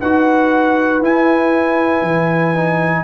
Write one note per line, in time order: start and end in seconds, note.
0.00 1.01 D#4
0.00 1.02 F#4
0.00 3.04 B4
0.00 1.03 F#5
1.01 2.02 E4
1.01 2.55 E4
1.01 3.04 G#5
2.02 3.04 E3
2.55 3.04 D#4